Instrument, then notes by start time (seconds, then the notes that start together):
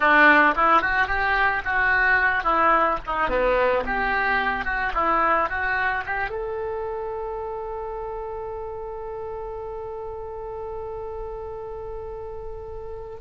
oboe
0.00 D4
0.56 E4
0.81 F#4
1.07 G4
1.64 F#4
2.43 E4
3.06 D#4
3.29 B3
3.86 G4
4.64 F#4
4.94 E4
5.49 F#4
6.06 G4
6.29 A4